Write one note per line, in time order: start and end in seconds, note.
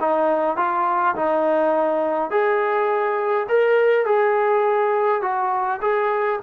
0.00 0.56 D#4
0.56 1.15 F4
1.15 2.30 D#4
2.30 3.47 G#4
3.48 4.05 A#4
4.05 5.22 G#4
5.22 5.80 F#4
5.81 6.39 G#4